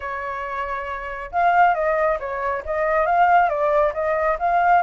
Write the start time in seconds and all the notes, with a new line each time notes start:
0.00 C#5
1.31 F5
1.74 D#5
2.19 C#5
2.65 D#5
3.06 F5
3.49 D5
3.93 D#5
4.39 F5